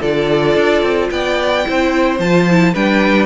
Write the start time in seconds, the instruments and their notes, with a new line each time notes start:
0.00 cello D3, viola F4, violin A4 D5
0.55 cello D4
0.82 cello C4
1.10 cello B3, violin D5 G5
1.64 cello C4, viola E4, violin C5
2.19 cello F3, viola F4, violin A5
2.49 viola E4
2.73 cello G3, viola D4, violin B4 G5